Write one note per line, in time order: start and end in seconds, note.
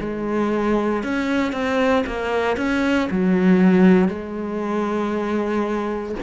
0.00 1.03 G#3
1.03 1.52 C#4
1.52 2.04 C4
2.06 2.57 A#3
2.57 3.08 C#4
3.11 4.09 F#3
4.09 6.16 G#3